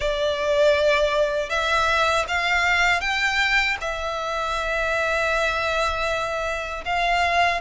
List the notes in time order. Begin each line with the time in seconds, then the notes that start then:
0.00 D5
1.49 E5
2.28 F5
3.00 G5
3.80 E5
6.85 F5